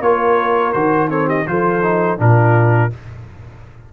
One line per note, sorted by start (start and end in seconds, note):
0.00 0.72 A#3
0.00 0.74 F4
0.00 1.10 A#4
0.00 0.72 C#5
0.72 1.46 D#3
0.72 1.08 F#4
0.72 1.08 C5
1.08 1.44 C4
1.08 1.27 A4
1.08 1.28 C#5
1.27 1.45 G4
1.27 1.47 D#5
1.47 2.19 F3
1.47 1.82 F4
1.47 2.20 A4
1.47 2.19 C5
1.82 2.17 D#4
2.17 2.91 A#2
2.17 2.90 D4
2.17 2.92 F4
2.17 2.93 A#4